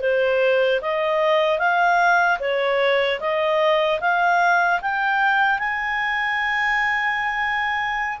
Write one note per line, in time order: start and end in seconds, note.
0.00 0.80 C5
0.81 1.58 D#5
1.58 2.38 F5
2.39 3.19 C#5
3.20 4.00 D#5
4.00 4.80 F5
4.81 5.58 G5
5.58 8.18 G#5